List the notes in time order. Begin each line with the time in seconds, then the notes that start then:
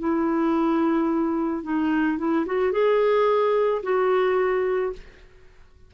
0.00 E4
1.64 D#4
2.18 E4
2.46 F#4
2.73 G#4
3.83 F#4